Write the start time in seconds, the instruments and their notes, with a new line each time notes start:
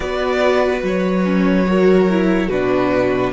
0.00 cello B3, viola F#4, violin B4 D5
0.83 cello F#3, violin C#5
1.24 viola C#4
1.66 viola F#4, violin A#4
2.09 viola E4
2.48 cello B2, viola D4, violin F#4 B4